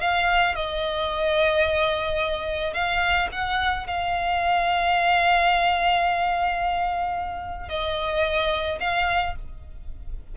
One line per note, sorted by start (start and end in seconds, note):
0.00 0.55 F5
0.55 2.73 D#5
2.73 3.29 F5
3.32 3.87 F#5
3.87 7.69 F5
7.69 8.79 D#5
8.80 9.35 F5